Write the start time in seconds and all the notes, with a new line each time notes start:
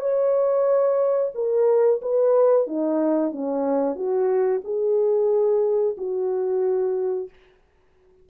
0.00 C#5
1.34 A#4
2.01 B4
2.67 D#4
3.32 C#4
3.95 F#4
4.64 G#4
5.97 F#4